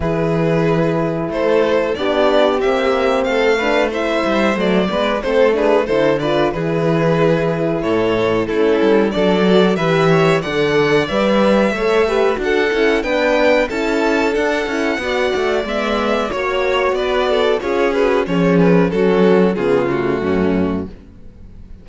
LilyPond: <<
  \new Staff \with { instrumentName = "violin" } { \time 4/4 \tempo 4 = 92 b'2 c''4 d''4 | e''4 f''4 e''4 d''4 | c''8 b'8 c''8 d''8 b'2 | cis''4 a'4 d''4 e''4 |
fis''4 e''2 fis''4 | g''4 a''4 fis''2 | e''4 cis''4 d''4 cis''8 b'8 | cis''8 b'8 a'4 gis'8 fis'4. | }
  \new Staff \with { instrumentName = "violin" } { \time 4/4 gis'2 a'4 g'4~ | g'4 a'8 b'8 c''4. b'8 | a'8 gis'8 a'8 b'8 gis'2 | a'4 e'4 a'4 b'8 cis''8 |
d''2 cis''8 b'8 a'4 | b'4 a'2 d''4~ | d''4 cis''4 b'8 a'8 gis'4 | cis'4 fis'4 f'4 cis'4 | }
  \new Staff \with { instrumentName = "horn" } { \time 4/4 e'2. d'4 | c'4. d'8 e'4 a8 b8 | c'8 d'8 e'8 f'8 e'2~ | e'4 cis'4 d'8 fis'8 g'4 |
a'4 b'4 a'8 g'8 fis'8 e'8 | d'4 e'4 d'8 e'8 fis'4 | b4 fis'2 f'8 fis'8 | gis'4 cis'4 b8 a4. | }
  \new Staff \with { instrumentName = "cello" } { \time 4/4 e2 a4 b4 | ais4 a4. g8 fis8 gis8 | a4 d4 e2 | a,4 a8 g8 fis4 e4 |
d4 g4 a4 d'8 cis'8 | b4 cis'4 d'8 cis'8 b8 a8 | gis4 ais4 b4 cis'4 | f4 fis4 cis4 fis,4 | }
>>